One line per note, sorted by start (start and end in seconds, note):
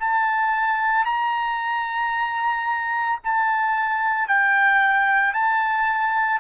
0.00 1.05 A5
1.05 3.19 A#5
3.24 4.28 A5
4.28 5.34 G5
5.34 6.40 A5